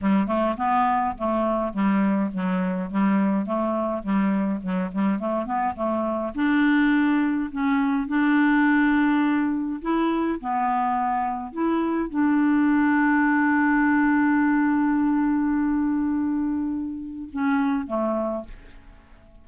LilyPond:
\new Staff \with { instrumentName = "clarinet" } { \time 4/4 \tempo 4 = 104 g8 a8 b4 a4 g4 | fis4 g4 a4 g4 | fis8 g8 a8 b8 a4 d'4~ | d'4 cis'4 d'2~ |
d'4 e'4 b2 | e'4 d'2.~ | d'1~ | d'2 cis'4 a4 | }